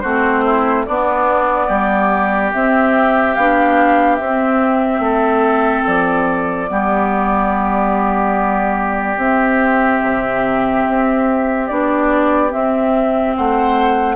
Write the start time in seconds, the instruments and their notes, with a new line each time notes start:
0.00 bassoon A3, clarinet C4, oboe F#4, flute C5
0.44 oboe E4
0.85 bassoon B3, clarinet B3, oboe D4, flute D5
1.67 bassoon G3, oboe G4
2.53 clarinet C4, bassoon C4, flute E5
3.35 bassoon B3, clarinet D4, flute F5
4.15 bassoon C4, clarinet C4, flute E5
4.99 bassoon A3, oboe A4
5.86 bassoon F3, flute D5
6.67 bassoon G3, clarinet B3, oboe G4
9.17 bassoon C4, clarinet C4, flute E5
10.02 bassoon C3
10.88 bassoon C4
11.67 bassoon B3, clarinet D4, flute D5
12.49 clarinet C4, bassoon C4, flute E5
13.36 bassoon A3, oboe C5, flute F#5